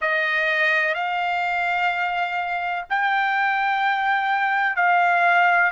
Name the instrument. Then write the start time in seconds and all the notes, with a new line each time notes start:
trumpet
0.01 D#5
0.94 F5
2.89 G5
4.76 F5